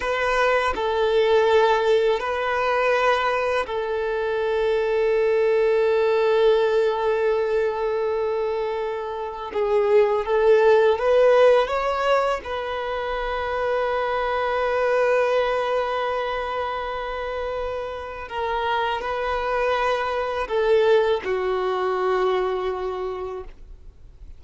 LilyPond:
\new Staff \with { instrumentName = "violin" } { \time 4/4 \tempo 4 = 82 b'4 a'2 b'4~ | b'4 a'2.~ | a'1~ | a'4 gis'4 a'4 b'4 |
cis''4 b'2.~ | b'1~ | b'4 ais'4 b'2 | a'4 fis'2. | }